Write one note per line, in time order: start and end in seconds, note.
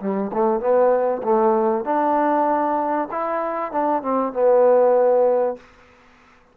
0.00 0.31 G3
0.33 0.60 A3
0.60 1.22 B3
1.23 1.85 A3
1.85 3.08 D4
3.11 3.72 E4
3.72 4.02 D4
4.02 4.33 C4
4.33 5.56 B3